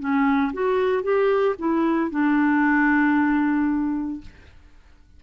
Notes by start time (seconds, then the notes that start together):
0.00 C#4
0.54 F#4
1.03 G4
1.59 E4
2.11 D4